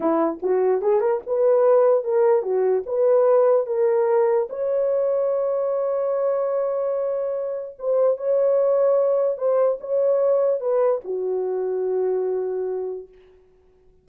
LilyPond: \new Staff \with { instrumentName = "horn" } { \time 4/4 \tempo 4 = 147 e'4 fis'4 gis'8 ais'8 b'4~ | b'4 ais'4 fis'4 b'4~ | b'4 ais'2 cis''4~ | cis''1~ |
cis''2. c''4 | cis''2. c''4 | cis''2 b'4 fis'4~ | fis'1 | }